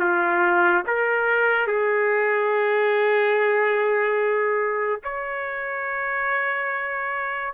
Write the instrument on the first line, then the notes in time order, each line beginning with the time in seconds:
trumpet
0.00 F4
0.87 A#4
1.67 G#4
5.04 C#5